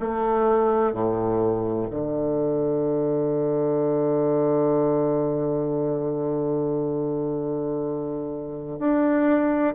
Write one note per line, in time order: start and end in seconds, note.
0.00 0.93 A3
0.93 1.88 A2
1.90 8.79 D3
8.79 9.74 D4